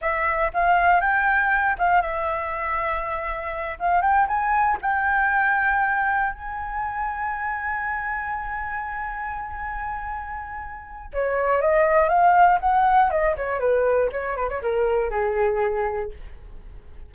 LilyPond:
\new Staff \with { instrumentName = "flute" } { \time 4/4 \tempo 4 = 119 e''4 f''4 g''4. f''8 | e''2.~ e''8 f''8 | g''8 gis''4 g''2~ g''8~ | g''8 gis''2.~ gis''8~ |
gis''1~ | gis''2 cis''4 dis''4 | f''4 fis''4 dis''8 cis''8 b'4 | cis''8 b'16 cis''16 ais'4 gis'2 | }